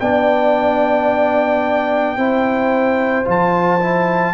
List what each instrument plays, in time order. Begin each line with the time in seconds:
0.00 tuba B3, trombone D4, horn D5, trumpet G5
2.17 tuba C4, trombone E4, horn C5
3.25 tuba F3, trombone F4, trumpet A5
3.80 trombone E4